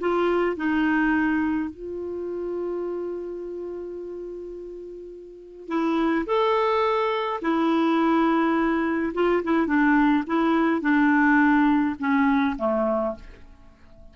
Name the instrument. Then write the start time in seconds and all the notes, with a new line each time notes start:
clarinet
0.00 F4
0.56 D#4
1.70 F4
5.68 E4
6.26 A4
7.41 E4
9.14 F4
9.43 E4
9.66 D4
10.27 E4
10.81 D4
11.99 C#4
12.58 A3